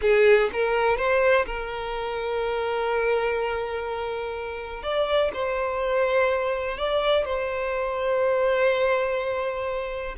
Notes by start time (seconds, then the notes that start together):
0.01 G#4
0.52 A#4
0.97 C5
1.45 A#4
4.82 D5
5.33 C5
6.77 D5
7.25 C5